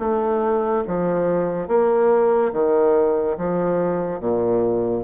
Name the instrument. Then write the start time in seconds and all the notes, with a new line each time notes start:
bassoon
0.00 A3
0.88 F3
1.68 A#3
2.53 D#3
3.38 F3
4.20 A#2